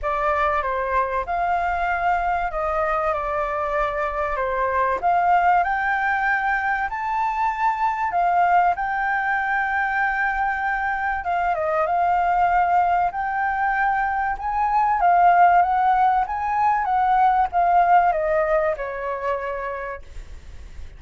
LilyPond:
\new Staff \with { instrumentName = "flute" } { \time 4/4 \tempo 4 = 96 d''4 c''4 f''2 | dis''4 d''2 c''4 | f''4 g''2 a''4~ | a''4 f''4 g''2~ |
g''2 f''8 dis''8 f''4~ | f''4 g''2 gis''4 | f''4 fis''4 gis''4 fis''4 | f''4 dis''4 cis''2 | }